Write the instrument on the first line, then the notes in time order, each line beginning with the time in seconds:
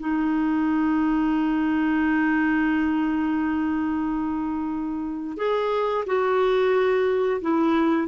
clarinet
0.00 D#4
5.37 G#4
6.06 F#4
7.42 E4